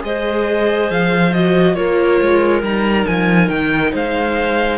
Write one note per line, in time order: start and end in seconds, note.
0.00 0.90 G#3
0.00 1.30 G#4
0.00 1.75 C5
0.00 0.90 D#5
0.90 1.77 F3
0.90 1.32 F5
1.32 1.75 F#4
1.32 1.74 D#5
1.74 2.20 A#3
1.74 2.62 F4
1.74 3.92 A#4
1.74 2.61 C#5
2.20 2.62 G#3
2.62 3.05 G3
2.62 4.78 D#4
2.62 3.06 A#5
3.06 3.49 F3
3.06 3.48 G#5
3.48 3.92 D#3
3.48 3.92 G5
3.92 4.78 G#3
3.92 4.78 C5
3.92 4.78 F5